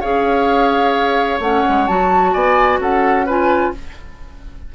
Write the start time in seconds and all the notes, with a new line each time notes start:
0.00 C#4 G#4 C#5 F5
1.39 A3 C#4 F#5
1.68 G#3
1.87 F#3 F#4 A5
2.33 B3 D5 G#5
2.78 C#4 A4 F#5
3.26 F4 B4 G#5